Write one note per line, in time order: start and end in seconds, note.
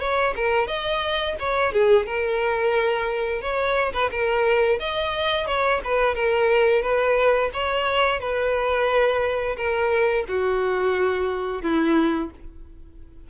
0.00 0.34 C#5
0.36 0.68 A#4
0.68 1.36 D#5
1.39 1.72 C#5
1.72 2.06 G#4
2.06 3.42 A#4
3.42 3.93 C#5
3.93 4.10 B4
4.11 4.79 A#4
4.79 5.46 D#5
5.46 5.80 C#5
5.84 6.15 B4
6.15 6.82 A#4
6.82 7.50 B4
7.53 8.20 C#5
8.20 9.56 B4
9.56 10.25 A#4
10.28 11.62 F#4
11.62 12.30 E4